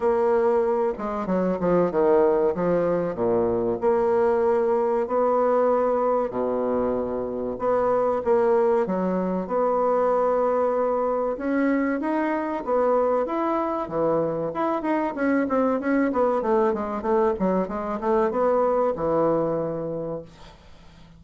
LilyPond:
\new Staff \with { instrumentName = "bassoon" } { \time 4/4 \tempo 4 = 95 ais4. gis8 fis8 f8 dis4 | f4 ais,4 ais2 | b2 b,2 | b4 ais4 fis4 b4~ |
b2 cis'4 dis'4 | b4 e'4 e4 e'8 dis'8 | cis'8 c'8 cis'8 b8 a8 gis8 a8 fis8 | gis8 a8 b4 e2 | }